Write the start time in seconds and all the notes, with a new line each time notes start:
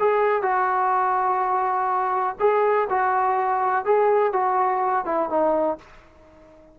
0.00 G#4
0.43 F#4
2.40 G#4
2.90 F#4
3.86 G#4
4.33 F#4
5.06 E4
5.30 D#4